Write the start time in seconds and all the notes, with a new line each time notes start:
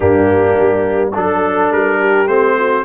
0.00 G2 A#3 D4 G4
0.59 G3
1.13 F#3 D4 A4
1.70 G3 A#4
1.99 G4
2.26 A3 C4 C5
2.58 F#4